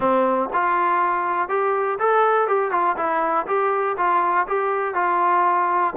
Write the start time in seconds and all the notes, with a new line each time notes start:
0.00 C4
0.53 F4
1.49 G4
1.99 A4
2.47 G4
2.71 F4
2.96 E4
3.46 G4
3.97 F4
4.47 G4
4.94 F4